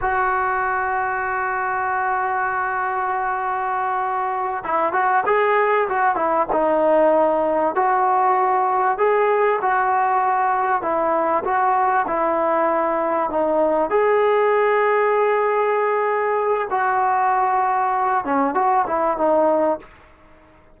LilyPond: \new Staff \with { instrumentName = "trombone" } { \time 4/4 \tempo 4 = 97 fis'1~ | fis'2.~ fis'8 e'8 | fis'8 gis'4 fis'8 e'8 dis'4.~ | dis'8 fis'2 gis'4 fis'8~ |
fis'4. e'4 fis'4 e'8~ | e'4. dis'4 gis'4.~ | gis'2. fis'4~ | fis'4. cis'8 fis'8 e'8 dis'4 | }